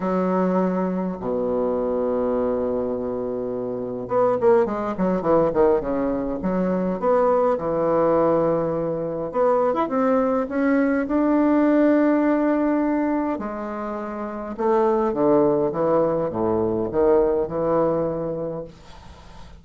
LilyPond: \new Staff \with { instrumentName = "bassoon" } { \time 4/4 \tempo 4 = 103 fis2 b,2~ | b,2. b8 ais8 | gis8 fis8 e8 dis8 cis4 fis4 | b4 e2. |
b8. e'16 c'4 cis'4 d'4~ | d'2. gis4~ | gis4 a4 d4 e4 | a,4 dis4 e2 | }